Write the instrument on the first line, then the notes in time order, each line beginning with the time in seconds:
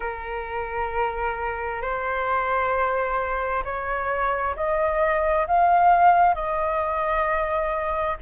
flute
0.00 A#4
1.81 C5
3.64 C#5
4.56 D#5
5.47 F5
6.34 D#5